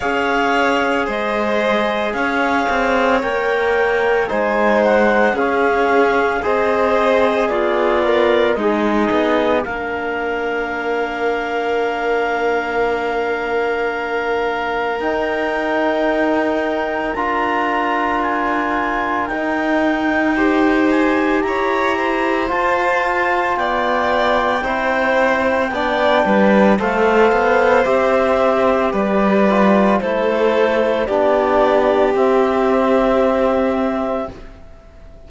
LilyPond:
<<
  \new Staff \with { instrumentName = "clarinet" } { \time 4/4 \tempo 4 = 56 f''4 dis''4 f''4 g''4 | gis''8 fis''8 f''4 dis''4 d''4 | dis''4 f''2.~ | f''2 g''2 |
ais''4 gis''4 g''4. gis''8 | ais''4 a''4 g''2~ | g''4 f''4 e''4 d''4 | c''4 d''4 e''2 | }
  \new Staff \with { instrumentName = "violin" } { \time 4/4 cis''4 c''4 cis''2 | c''4 gis'4 c''4 f'4 | dis'4 ais'2.~ | ais'1~ |
ais'2. c''4 | cis''8 c''4. d''4 c''4 | d''8 b'8 c''2 b'4 | a'4 g'2. | }
  \new Staff \with { instrumentName = "trombone" } { \time 4/4 gis'2. ais'4 | dis'4 cis'4 gis'4. ais'8 | gis'4 d'2.~ | d'2 dis'2 |
f'2 dis'4 g'4~ | g'4 f'2 e'4 | d'4 a'4 g'4. f'8 | e'4 d'4 c'2 | }
  \new Staff \with { instrumentName = "cello" } { \time 4/4 cis'4 gis4 cis'8 c'8 ais4 | gis4 cis'4 c'4 b4 | gis8 b8 ais2.~ | ais2 dis'2 |
d'2 dis'2 | e'4 f'4 b4 c'4 | b8 g8 a8 b8 c'4 g4 | a4 b4 c'2 | }
>>